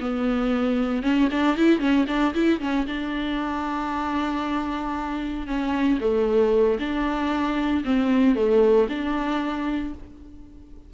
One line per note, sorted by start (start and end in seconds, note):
0.00 1.02 B3
1.02 1.29 C#4
1.31 1.56 D4
1.56 1.79 E4
1.79 2.05 C#4
2.08 2.34 D4
2.34 2.60 E4
2.60 2.86 C#4
2.86 5.47 D4
5.47 5.99 C#4
6.00 6.79 A3
6.79 7.84 D4
7.85 8.35 C4
8.35 8.87 A3
8.89 9.93 D4